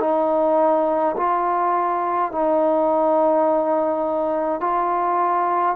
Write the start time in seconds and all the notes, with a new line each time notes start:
0.00 D#4
1.16 F4
2.31 D#4
4.60 F4